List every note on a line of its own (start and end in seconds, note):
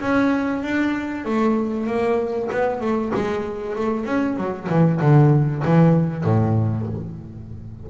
0.00 0.62 C#4
0.62 1.25 D4
1.25 1.86 A3
1.86 2.49 A#3
2.51 2.81 B3
2.81 3.12 A3
3.14 3.76 G#3
3.76 4.05 A3
4.05 4.36 C#4
4.37 4.68 F#3
4.69 5.00 E3
5.01 5.63 D3
5.64 6.24 E3
6.24 6.86 A2